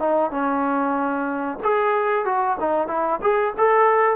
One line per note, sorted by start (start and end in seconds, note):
0.00 0.31 D#4
0.31 1.59 C#4
1.63 2.25 G#4
2.25 2.57 F#4
2.60 2.88 D#4
2.88 3.20 E4
3.22 3.54 G#4
3.58 4.16 A4